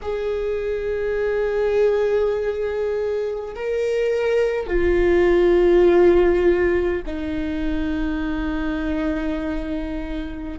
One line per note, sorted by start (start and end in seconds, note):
0.02 3.55 G#4
3.55 4.66 A#4
4.66 7.02 F4
7.06 10.59 D#4